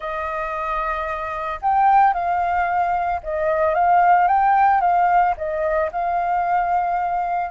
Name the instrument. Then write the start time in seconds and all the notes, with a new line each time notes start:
flute
0.00 D#5
1.61 G5
2.13 F5
3.23 D#5
3.74 F5
4.27 G5
4.80 F5
5.37 D#5
5.91 F5